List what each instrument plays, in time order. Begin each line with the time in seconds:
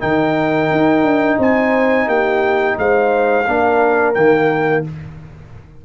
0.00 tuba D#3, trombone D#4, horn A#4, trumpet G5
0.71 tuba D#4
1.03 tuba D4
1.38 tuba C4, horn C5, trumpet G#5
2.07 tuba A#3, horn G4, trumpet G5
2.78 tuba G#3, horn C5, trumpet F5
3.47 tuba A#3, trombone D4, horn A#4
4.15 tuba D#3, trombone A#3, trumpet G5